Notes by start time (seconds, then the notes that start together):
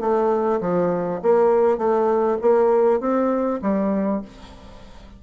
0.00 A3
0.60 F3
1.22 A#3
1.78 A3
2.41 A#3
3.00 C4
3.61 G3